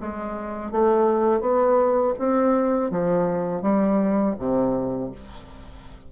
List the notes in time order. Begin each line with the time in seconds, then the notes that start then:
0.00 G#3
0.71 A3
1.40 B3
2.18 C4
2.90 F3
3.62 G3
4.38 C3